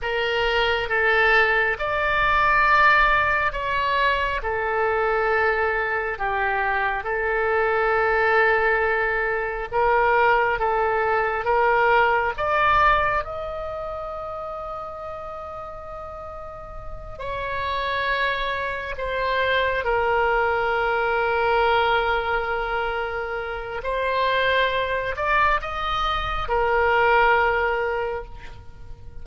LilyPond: \new Staff \with { instrumentName = "oboe" } { \time 4/4 \tempo 4 = 68 ais'4 a'4 d''2 | cis''4 a'2 g'4 | a'2. ais'4 | a'4 ais'4 d''4 dis''4~ |
dis''2.~ dis''8 cis''8~ | cis''4. c''4 ais'4.~ | ais'2. c''4~ | c''8 d''8 dis''4 ais'2 | }